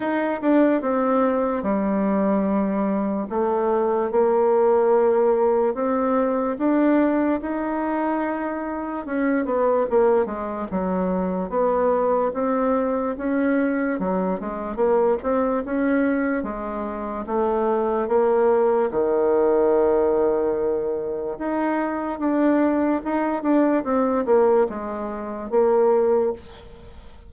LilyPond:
\new Staff \with { instrumentName = "bassoon" } { \time 4/4 \tempo 4 = 73 dis'8 d'8 c'4 g2 | a4 ais2 c'4 | d'4 dis'2 cis'8 b8 | ais8 gis8 fis4 b4 c'4 |
cis'4 fis8 gis8 ais8 c'8 cis'4 | gis4 a4 ais4 dis4~ | dis2 dis'4 d'4 | dis'8 d'8 c'8 ais8 gis4 ais4 | }